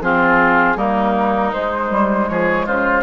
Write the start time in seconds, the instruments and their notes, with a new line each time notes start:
0.00 bassoon F3, clarinet C4, oboe F4, flute G#4
0.76 bassoon G3, clarinet A#3, oboe D#4, flute A#4
1.52 clarinet G#3, bassoon G#3, flute C5
1.90 bassoon G3
2.28 bassoon F3, oboe G#4, flute C#5
2.66 bassoon C#3, oboe F4, flute C5